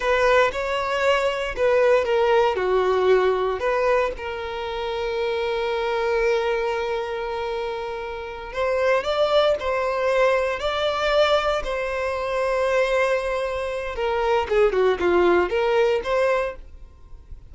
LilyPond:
\new Staff \with { instrumentName = "violin" } { \time 4/4 \tempo 4 = 116 b'4 cis''2 b'4 | ais'4 fis'2 b'4 | ais'1~ | ais'1~ |
ais'8 c''4 d''4 c''4.~ | c''8 d''2 c''4.~ | c''2. ais'4 | gis'8 fis'8 f'4 ais'4 c''4 | }